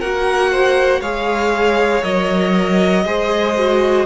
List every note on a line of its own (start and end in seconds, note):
0.00 1.01 A#3
0.00 1.03 F#4
0.00 0.51 A#4
0.00 1.02 F#5
0.51 1.01 C5
1.01 2.03 G#3
1.01 2.03 G#4
1.01 3.04 C#5
1.01 2.03 F5
2.03 3.05 F#3
2.03 3.04 A#4
2.03 4.06 D#5
3.05 4.06 G#3
3.05 3.56 G#4
3.05 4.06 C5
3.57 4.06 F#4